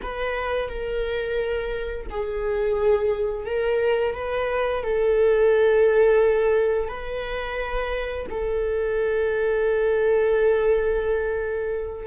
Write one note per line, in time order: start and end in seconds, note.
0.02 0.68 B4
0.68 2.06 A#4
2.09 3.45 G#4
3.45 4.14 A#4
4.14 4.83 B4
4.83 6.88 A4
6.88 8.26 B4
8.29 12.06 A4